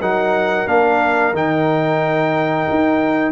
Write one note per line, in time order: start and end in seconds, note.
0.00 0.67 F#3
0.00 0.67 D#4
0.00 3.32 A#4
0.00 0.68 F#5
0.67 1.33 A#3
0.67 1.34 D4
0.67 1.35 F5
1.33 2.67 D#3
1.33 3.32 D#4
1.33 3.32 G5
2.70 3.32 D#4